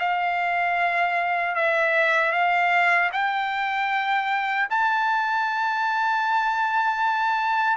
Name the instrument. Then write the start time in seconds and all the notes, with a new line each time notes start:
trumpet
0.00 F5
1.56 E5
2.32 F5
3.13 G5
4.70 A5